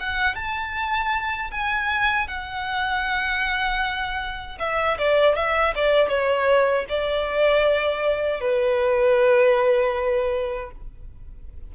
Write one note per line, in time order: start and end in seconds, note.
0.00 0.36 F#5
0.36 1.51 A5
1.51 2.28 G#5
2.28 4.59 F#5
4.59 4.98 E5
4.99 5.36 D5
5.36 5.74 E5
5.76 6.09 D5
6.09 6.86 C#5
6.89 8.41 D5
8.41 10.71 B4